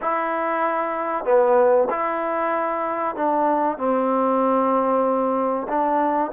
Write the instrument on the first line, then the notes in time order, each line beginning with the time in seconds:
trombone
0.01 E4
1.25 B3
1.89 E4
3.16 D4
3.77 C4
5.68 D4